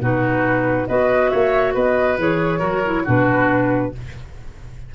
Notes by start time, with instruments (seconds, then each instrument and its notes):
0.00 tuba B2, clarinet D#4, oboe F#4, flute B4
0.87 tuba B3, clarinet F#4, oboe B4, flute D#5
1.29 tuba A#3, oboe C#5, flute E5
1.74 tuba B3, oboe B4, flute D#5
2.18 tuba E3, clarinet G#4, flute C#5
2.59 tuba F#3, clarinet F#4, oboe A#4
2.85 clarinet E4
3.04 tuba B2, clarinet D4, oboe F#4, flute B4